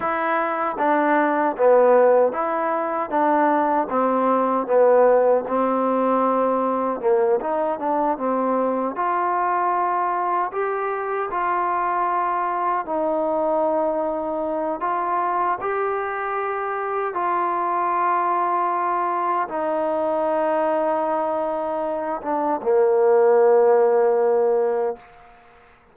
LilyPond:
\new Staff \with { instrumentName = "trombone" } { \time 4/4 \tempo 4 = 77 e'4 d'4 b4 e'4 | d'4 c'4 b4 c'4~ | c'4 ais8 dis'8 d'8 c'4 f'8~ | f'4. g'4 f'4.~ |
f'8 dis'2~ dis'8 f'4 | g'2 f'2~ | f'4 dis'2.~ | dis'8 d'8 ais2. | }